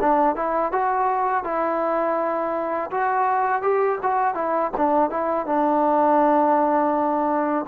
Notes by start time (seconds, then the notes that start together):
0.00 D4
0.36 E4
0.72 F#4
1.44 E4
2.91 F#4
3.62 G4
4.03 F#4
4.35 E4
4.77 D4
5.10 E4
5.46 D4